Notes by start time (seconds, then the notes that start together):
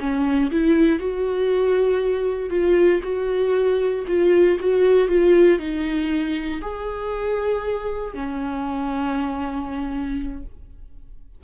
0.00 C#4
0.51 E4
1.00 F#4
2.50 F4
3.03 F#4
4.07 F4
4.60 F#4
5.08 F4
5.59 D#4
6.61 G#4
8.14 C#4